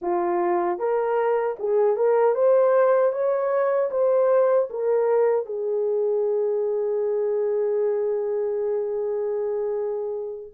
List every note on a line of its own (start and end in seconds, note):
0.01 0.78 F4
0.78 1.56 A#4
1.59 1.96 G#4
1.96 2.34 A#4
2.34 3.12 C5
3.12 3.90 C#5
3.91 4.69 C5
4.70 5.45 A#4
5.45 10.52 G#4